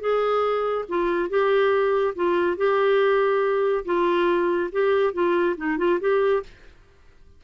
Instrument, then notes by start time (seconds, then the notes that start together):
clarinet
0.00 G#4
0.89 F4
1.29 G4
2.15 F4
2.57 G4
3.85 F4
4.72 G4
5.13 F4
5.57 D#4
5.78 F4
6.00 G4